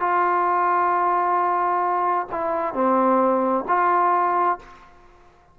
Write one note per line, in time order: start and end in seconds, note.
0.00 2.27 F4
2.31 2.74 E4
2.74 3.65 C4
3.68 4.59 F4